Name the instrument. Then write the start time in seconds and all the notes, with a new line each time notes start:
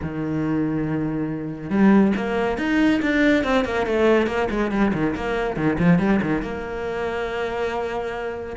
cello
0.02 D#3
1.69 G3
2.16 A#3
2.58 D#4
3.02 D4
3.44 C4
3.64 A#3
3.86 A3
4.26 A#3
4.50 G#3
4.71 G3
4.93 D#3
5.15 A#3
5.56 D#3
5.79 F3
5.98 G3
6.21 D#3
6.42 A#3